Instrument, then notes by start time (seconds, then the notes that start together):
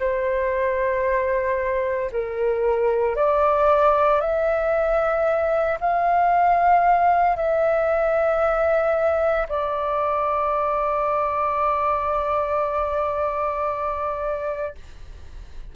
flute
0.00 C5
2.12 A#4
3.16 D5
4.21 E5
5.80 F5
7.36 E5
9.48 D5